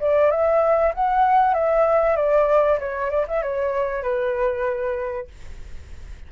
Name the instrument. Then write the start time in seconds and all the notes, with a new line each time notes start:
flute
0.00 D5
0.31 E5
0.94 F#5
1.54 E5
2.16 D5
2.80 C#5
3.11 D5
3.28 E5
3.42 C#5
4.03 B4